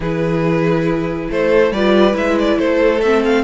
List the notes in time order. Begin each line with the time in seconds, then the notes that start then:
0.00 E3 E4 G#4 B4
1.30 A3 A4 C5
1.71 G3 F4 B4 D5
2.13 G#3 E4 E5
2.39 D5
2.58 A3 A4 C5
3.00 C4 E5
3.24 F5